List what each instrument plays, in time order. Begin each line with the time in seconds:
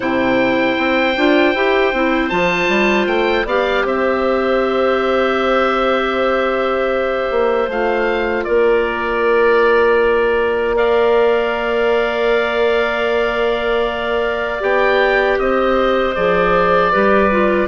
0.00 bassoon C3, clarinet E4 C5, oboe G5
0.77 bassoon C4
1.16 bassoon D4, clarinet F4
1.54 bassoon E4, clarinet G4
1.93 bassoon C4, clarinet E4
2.29 bassoon F3, clarinet F4, oboe A5
2.68 bassoon G3
3.06 bassoon A3, oboe G5
3.45 bassoon B3, clarinet G4 D5, oboe F5
3.83 bassoon C4, clarinet C5, oboe E5
7.30 bassoon A#3
7.68 bassoon A3, clarinet F4, oboe F5
8.44 bassoon A#3, clarinet A#4, oboe D5
10.75 clarinet A#4 D5, oboe F5
14.60 bassoon B3, clarinet G4, oboe G5
15.38 bassoon C4, clarinet C5, oboe D#5
16.14 bassoon F3, clarinet G#4, oboe D5
16.91 bassoon G3, clarinet G4 B4
17.31 clarinet F4